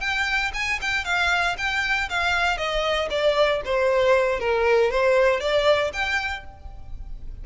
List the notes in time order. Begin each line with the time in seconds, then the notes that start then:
0.00 G5
0.53 G#5
0.81 G5
1.05 F5
1.58 G5
2.09 F5
2.57 D#5
3.10 D5
3.65 C5
4.40 A#4
4.91 C5
5.40 D5
5.93 G5